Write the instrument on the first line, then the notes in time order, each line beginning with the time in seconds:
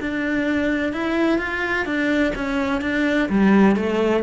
cello
0.00 D4
0.92 E4
1.38 F4
1.85 D4
2.35 C#4
2.81 D4
3.29 G3
3.76 A3